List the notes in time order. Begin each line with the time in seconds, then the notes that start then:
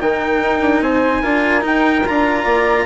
0.00 D#3 D#4 A#4 G5
0.42 D#4
0.61 D4
0.81 C4 C5 G#5
1.22 D4 F4 A#4
1.61 D#4 G5
2.07 D4 F4 A#5
2.43 A#3 D5